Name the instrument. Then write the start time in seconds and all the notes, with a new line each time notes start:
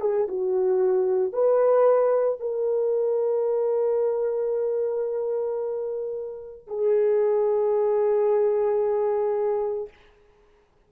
horn
0.00 G#4
0.27 F#4
1.32 B4
2.40 A#4
6.67 G#4